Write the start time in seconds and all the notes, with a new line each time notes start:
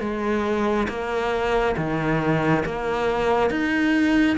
0.00 G#3
0.88 A#3
1.76 D#3
2.65 A#3
3.50 D#4